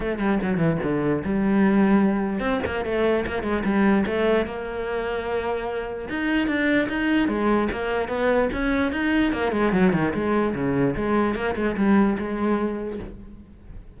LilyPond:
\new Staff \with { instrumentName = "cello" } { \time 4/4 \tempo 4 = 148 a8 g8 fis8 e8 d4 g4~ | g2 c'8 ais8 a4 | ais8 gis8 g4 a4 ais4~ | ais2. dis'4 |
d'4 dis'4 gis4 ais4 | b4 cis'4 dis'4 ais8 gis8 | fis8 dis8 gis4 cis4 gis4 | ais8 gis8 g4 gis2 | }